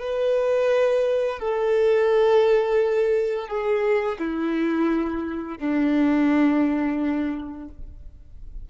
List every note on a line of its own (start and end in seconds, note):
0.00 1.39 B4
1.39 3.48 A4
3.48 4.18 G#4
4.19 5.58 E4
5.58 7.68 D4